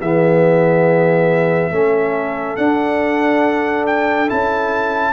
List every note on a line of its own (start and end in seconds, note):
0.00 1.70 E3
0.00 1.71 B3
0.00 1.71 G#4
0.00 2.56 E5
1.70 2.56 A3
1.70 2.57 C#4
1.70 5.13 A4
2.56 4.27 D4
2.56 4.29 D4
2.56 3.85 F#5
3.86 4.29 G5
4.27 5.13 C#4
4.27 5.13 E4
4.27 5.13 A5